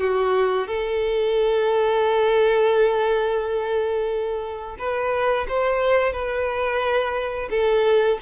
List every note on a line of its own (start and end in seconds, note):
0.00 0.68 F#4
0.68 4.77 A4
4.79 5.47 B4
5.49 6.13 C5
6.13 7.49 B4
7.50 8.19 A4